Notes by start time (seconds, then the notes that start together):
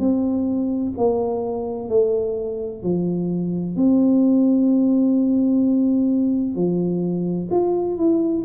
0.00 C4
0.98 A#3
1.89 A3
2.83 F3
3.76 C4
6.55 F3
7.51 F4
7.98 E4